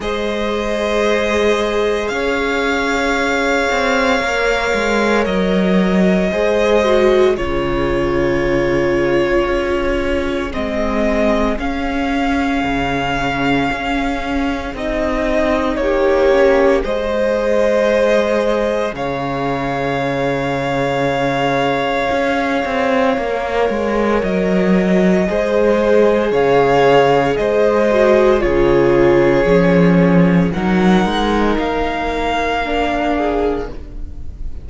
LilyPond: <<
  \new Staff \with { instrumentName = "violin" } { \time 4/4 \tempo 4 = 57 dis''2 f''2~ | f''4 dis''2 cis''4~ | cis''2 dis''4 f''4~ | f''2 dis''4 cis''4 |
dis''2 f''2~ | f''2. dis''4~ | dis''4 f''4 dis''4 cis''4~ | cis''4 fis''4 f''2 | }
  \new Staff \with { instrumentName = "violin" } { \time 4/4 c''2 cis''2~ | cis''2 c''4 gis'4~ | gis'1~ | gis'2. g'4 |
c''2 cis''2~ | cis''1 | c''4 cis''4 c''4 gis'4~ | gis'4 ais'2~ ais'8 gis'8 | }
  \new Staff \with { instrumentName = "viola" } { \time 4/4 gis'1 | ais'2 gis'8 fis'8 f'4~ | f'2 c'4 cis'4~ | cis'2 dis'4. cis'8 |
gis'1~ | gis'2 ais'2 | gis'2~ gis'8 fis'8 f'4 | cis'4 dis'2 d'4 | }
  \new Staff \with { instrumentName = "cello" } { \time 4/4 gis2 cis'4. c'8 | ais8 gis8 fis4 gis4 cis4~ | cis4 cis'4 gis4 cis'4 | cis4 cis'4 c'4 ais4 |
gis2 cis2~ | cis4 cis'8 c'8 ais8 gis8 fis4 | gis4 cis4 gis4 cis4 | f4 fis8 gis8 ais2 | }
>>